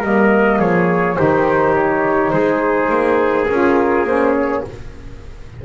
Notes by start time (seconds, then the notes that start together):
0.00 G3 A#3 A#4 D#5
0.59 F3 G#4 C#5
1.17 D#3 D#4 G4 C5
1.75 C#5
2.30 G#3 G#4 C5
2.90 A#3
3.49 C#4 F4 A#4
4.04 A#3 C#4 C5
4.36 C#5